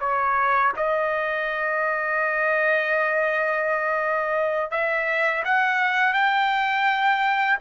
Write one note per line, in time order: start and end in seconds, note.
0.00 0.72 C#5
0.77 4.71 D#5
4.71 5.43 E5
5.45 6.13 F#5
6.13 7.58 G5